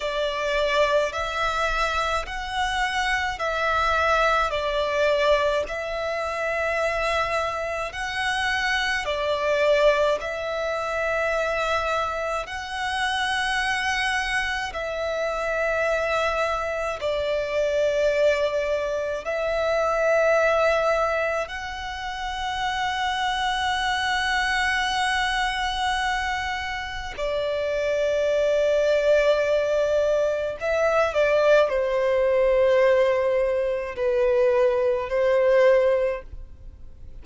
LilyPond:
\new Staff \with { instrumentName = "violin" } { \time 4/4 \tempo 4 = 53 d''4 e''4 fis''4 e''4 | d''4 e''2 fis''4 | d''4 e''2 fis''4~ | fis''4 e''2 d''4~ |
d''4 e''2 fis''4~ | fis''1 | d''2. e''8 d''8 | c''2 b'4 c''4 | }